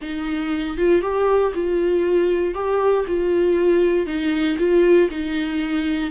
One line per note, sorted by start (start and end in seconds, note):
0.01 0.77 D#4
0.77 1.01 F4
1.01 1.52 G4
1.54 2.54 F4
2.54 3.05 G4
3.07 4.06 F4
4.06 4.57 D#4
4.58 5.09 F4
5.10 6.11 D#4